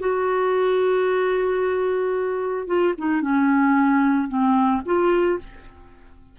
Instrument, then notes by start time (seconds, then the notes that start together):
clarinet
0.00 F#4
2.67 F4
2.98 D#4
3.22 C#4
4.29 C4
4.86 F4